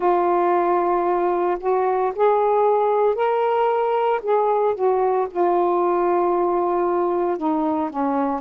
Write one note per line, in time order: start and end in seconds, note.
0.00 1.58 F4
1.60 2.12 F#4
2.15 3.15 G#4
3.15 4.20 A#4
4.22 4.75 G#4
4.75 5.27 F#4
5.30 7.37 F4
7.37 7.89 D#4
7.89 8.40 C#4